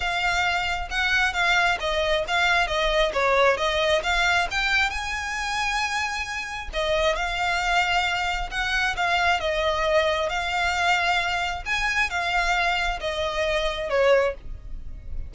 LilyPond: \new Staff \with { instrumentName = "violin" } { \time 4/4 \tempo 4 = 134 f''2 fis''4 f''4 | dis''4 f''4 dis''4 cis''4 | dis''4 f''4 g''4 gis''4~ | gis''2. dis''4 |
f''2. fis''4 | f''4 dis''2 f''4~ | f''2 gis''4 f''4~ | f''4 dis''2 cis''4 | }